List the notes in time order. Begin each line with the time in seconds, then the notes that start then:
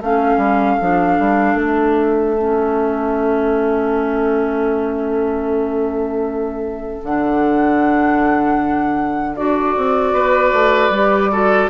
0.00 A3 C#4 A4 F5
0.37 G3
0.80 F3 D4
1.18 G3
1.54 A3 E5
2.38 C#4
7.03 D3 D4 F#5
9.36 D4 F#4 D5
9.77 C4
10.13 B3 B4
10.53 A3
10.89 G3 G4
11.31 F#4 A4